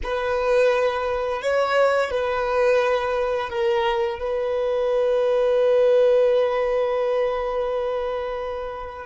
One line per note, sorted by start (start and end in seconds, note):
0.03 1.41 B4
1.41 2.10 C#5
2.10 3.49 B4
3.49 4.19 A#4
4.19 9.05 B4